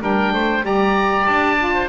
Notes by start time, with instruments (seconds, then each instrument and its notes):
0.00 double bass G3, saxophone D4, oboe A#4 G5
0.32 double bass A3, oboe C5
0.62 double bass G3, saxophone G4, oboe D5 A#5
1.26 double bass D4, oboe A5
1.58 saxophone F4
1.74 oboe C5